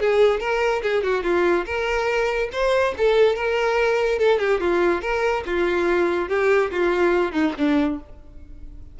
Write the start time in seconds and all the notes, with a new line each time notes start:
0.00 G#4
0.40 A#4
0.82 G#4
1.03 F#4
1.23 F4
1.65 A#4
2.52 C5
2.97 A4
3.36 A#4
4.19 A4
4.39 G4
4.60 F4
5.02 A#4
5.46 F4
6.29 G4
6.71 F4
7.32 D#4
7.58 D4